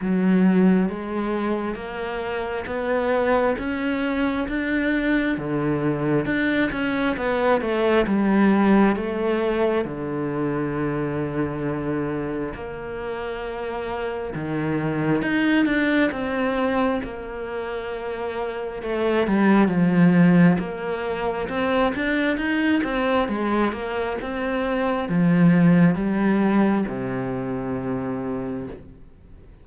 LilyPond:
\new Staff \with { instrumentName = "cello" } { \time 4/4 \tempo 4 = 67 fis4 gis4 ais4 b4 | cis'4 d'4 d4 d'8 cis'8 | b8 a8 g4 a4 d4~ | d2 ais2 |
dis4 dis'8 d'8 c'4 ais4~ | ais4 a8 g8 f4 ais4 | c'8 d'8 dis'8 c'8 gis8 ais8 c'4 | f4 g4 c2 | }